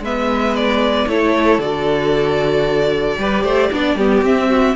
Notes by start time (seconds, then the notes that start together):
0.00 G#3 B3 B4 E5
0.56 D5
1.07 A3 E4 A4 C#5
1.58 D3 F#4 D5
3.18 G3 G4 B4
3.44 A3 C5
3.72 B3 D4 D5
3.95 G3 B3 G4
4.22 C4 E5
4.50 F#4